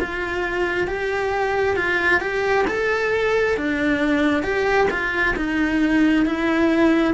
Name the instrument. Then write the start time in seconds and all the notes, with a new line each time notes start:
cello
0.00 F4
0.88 G4
1.77 F4
2.21 G4
2.68 A4
3.57 D4
4.43 G4
4.91 F4
5.37 D#4
6.26 E4